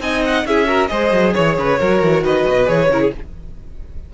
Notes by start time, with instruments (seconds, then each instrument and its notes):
0.00 cello C4, viola D#4, violin D#5 G#5
0.25 violin F#5
0.45 cello C#4, viola E4, violin G#4 E5
0.66 viola F#4, violin A#4
0.87 cello G#3, viola G#4, violin C5 D#5
1.12 cello F#3
1.34 cello E3, violin C#5
1.58 cello C#3, violin B4
1.79 cello F#3, viola F#4, violin A#4
2.02 cello E3
2.23 cello D#3, violin B4 D#5
2.48 cello B2
2.65 cello E3, viola G#4, violin C#5
2.89 cello C#3, viola E4, violin A#4
3.01 violin G#4